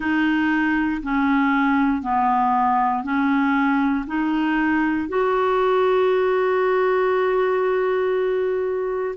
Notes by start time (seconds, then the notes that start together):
0.00 D#4
1.02 C#4
2.02 B3
3.03 C#4
4.07 D#4
5.08 F#4